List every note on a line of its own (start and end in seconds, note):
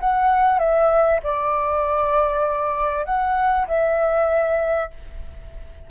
0.00 0.59 F#5
0.59 1.21 E5
1.23 3.06 D5
3.06 3.67 F#5
3.68 4.90 E5